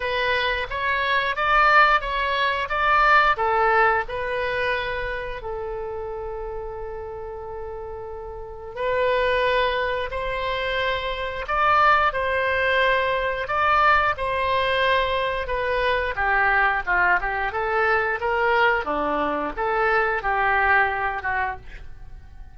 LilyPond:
\new Staff \with { instrumentName = "oboe" } { \time 4/4 \tempo 4 = 89 b'4 cis''4 d''4 cis''4 | d''4 a'4 b'2 | a'1~ | a'4 b'2 c''4~ |
c''4 d''4 c''2 | d''4 c''2 b'4 | g'4 f'8 g'8 a'4 ais'4 | d'4 a'4 g'4. fis'8 | }